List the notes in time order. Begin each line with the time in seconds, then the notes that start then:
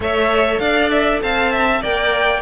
0.00 A3 A4 C#5 E5
0.59 D4 D5 F5
0.90 E5
1.21 C4 F5 A5
1.52 E5
1.81 A#3 A#4 D5 G5